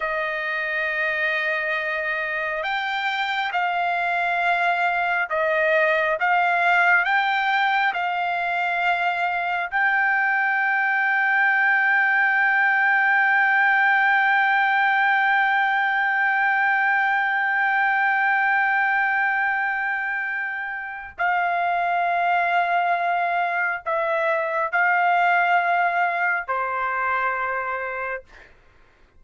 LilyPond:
\new Staff \with { instrumentName = "trumpet" } { \time 4/4 \tempo 4 = 68 dis''2. g''4 | f''2 dis''4 f''4 | g''4 f''2 g''4~ | g''1~ |
g''1~ | g''1 | f''2. e''4 | f''2 c''2 | }